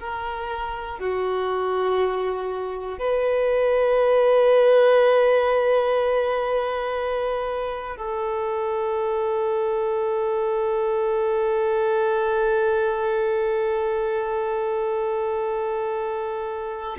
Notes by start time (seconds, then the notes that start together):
0.00 A#4
0.99 F#4
2.98 B4
7.96 A4